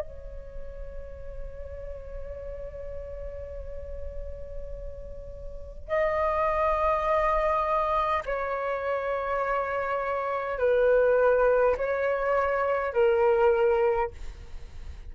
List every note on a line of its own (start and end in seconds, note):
0.00 5.88 C#5
5.88 8.24 D#5
8.26 10.59 C#5
10.59 11.76 B4
11.78 12.93 C#5
12.93 14.11 A#4